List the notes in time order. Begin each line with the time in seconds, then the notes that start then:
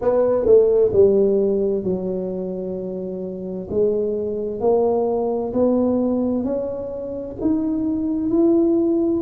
0.01 B3
0.45 A3
0.92 G3
1.83 F#3
3.70 G#3
4.60 A#3
5.53 B3
6.44 C#4
7.41 D#4
8.30 E4